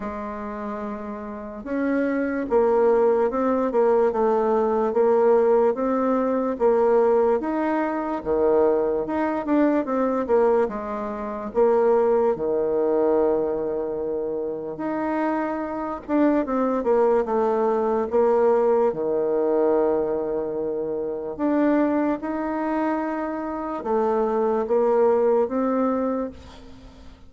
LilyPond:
\new Staff \with { instrumentName = "bassoon" } { \time 4/4 \tempo 4 = 73 gis2 cis'4 ais4 | c'8 ais8 a4 ais4 c'4 | ais4 dis'4 dis4 dis'8 d'8 | c'8 ais8 gis4 ais4 dis4~ |
dis2 dis'4. d'8 | c'8 ais8 a4 ais4 dis4~ | dis2 d'4 dis'4~ | dis'4 a4 ais4 c'4 | }